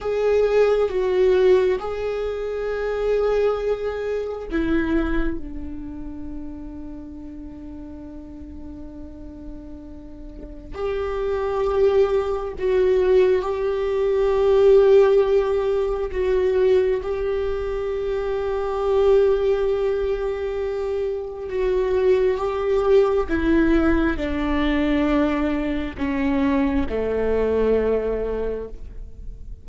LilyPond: \new Staff \with { instrumentName = "viola" } { \time 4/4 \tempo 4 = 67 gis'4 fis'4 gis'2~ | gis'4 e'4 d'2~ | d'1 | g'2 fis'4 g'4~ |
g'2 fis'4 g'4~ | g'1 | fis'4 g'4 e'4 d'4~ | d'4 cis'4 a2 | }